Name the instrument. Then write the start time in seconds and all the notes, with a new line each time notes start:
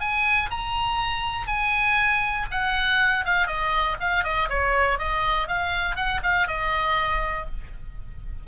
oboe
0.00 G#5
0.50 A#5
1.47 G#5
2.51 F#5
3.25 F5
3.47 D#5
4.00 F5
4.24 D#5
4.49 C#5
4.99 D#5
5.47 F5
5.95 F#5
6.23 F5
6.47 D#5